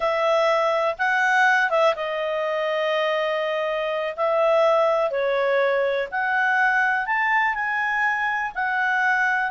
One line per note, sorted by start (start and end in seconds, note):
0.00 0.95 E5
0.98 1.69 F#5
1.69 1.94 E5
1.95 4.15 D#5
4.16 5.11 E5
5.11 6.08 C#5
6.11 7.06 F#5
7.06 7.54 A5
7.54 8.51 G#5
8.54 9.51 F#5